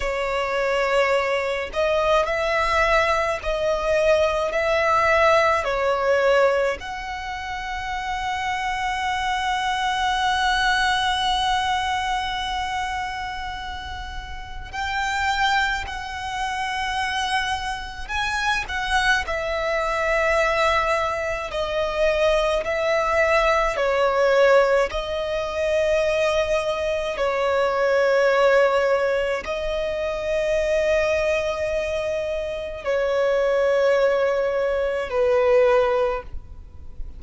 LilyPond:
\new Staff \with { instrumentName = "violin" } { \time 4/4 \tempo 4 = 53 cis''4. dis''8 e''4 dis''4 | e''4 cis''4 fis''2~ | fis''1~ | fis''4 g''4 fis''2 |
gis''8 fis''8 e''2 dis''4 | e''4 cis''4 dis''2 | cis''2 dis''2~ | dis''4 cis''2 b'4 | }